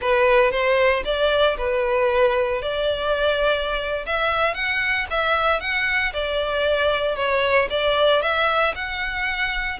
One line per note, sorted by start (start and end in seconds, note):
0.01 0.51 B4
0.51 1.03 C5
1.04 1.57 D5
1.57 2.62 B4
2.62 4.05 D5
4.06 4.54 E5
4.54 5.06 F#5
5.10 5.60 E5
5.60 6.12 F#5
6.13 7.16 D5
7.16 7.68 C#5
7.70 8.22 D5
8.22 8.74 E5
8.75 9.79 F#5